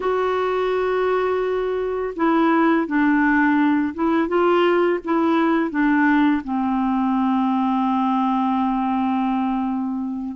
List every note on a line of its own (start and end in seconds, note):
0.00 2.14 F#4
2.16 2.86 E4
2.86 3.94 D4
3.94 4.28 E4
4.28 4.99 F4
5.04 5.70 E4
5.70 6.42 D4
6.44 10.36 C4